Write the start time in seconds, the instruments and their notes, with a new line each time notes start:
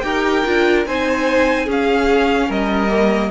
0.00 cello D#4, viola G4, violin A#4 G5
0.45 cello D4, viola F4
0.86 cello C4, viola D#4, violin C5 G#5
1.65 viola C#4, cello C#4, violin G#4
1.71 violin F5
2.48 cello G3, violin A#4 D#5
2.88 viola A#3